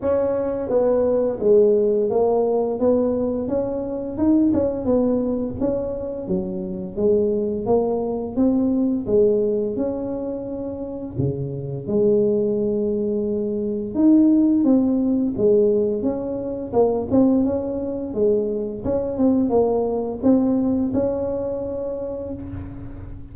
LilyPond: \new Staff \with { instrumentName = "tuba" } { \time 4/4 \tempo 4 = 86 cis'4 b4 gis4 ais4 | b4 cis'4 dis'8 cis'8 b4 | cis'4 fis4 gis4 ais4 | c'4 gis4 cis'2 |
cis4 gis2. | dis'4 c'4 gis4 cis'4 | ais8 c'8 cis'4 gis4 cis'8 c'8 | ais4 c'4 cis'2 | }